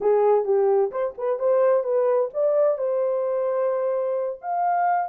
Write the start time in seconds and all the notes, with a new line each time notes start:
0.01 G#4
0.44 G4
0.91 C5
1.17 B4
1.39 C5
1.83 B4
2.33 D5
2.78 C5
4.41 F5